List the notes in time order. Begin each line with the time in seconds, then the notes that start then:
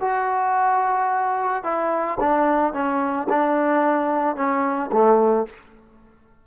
0.00 F#4
1.63 E4
2.20 D4
2.73 C#4
3.29 D4
4.35 C#4
4.92 A3